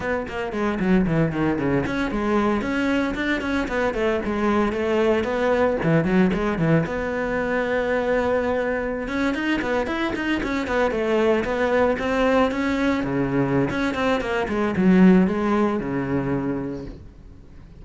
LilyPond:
\new Staff \with { instrumentName = "cello" } { \time 4/4 \tempo 4 = 114 b8 ais8 gis8 fis8 e8 dis8 cis8 cis'8 | gis4 cis'4 d'8 cis'8 b8 a8 | gis4 a4 b4 e8 fis8 | gis8 e8 b2.~ |
b4~ b16 cis'8 dis'8 b8 e'8 dis'8 cis'16~ | cis'16 b8 a4 b4 c'4 cis'16~ | cis'8. cis4~ cis16 cis'8 c'8 ais8 gis8 | fis4 gis4 cis2 | }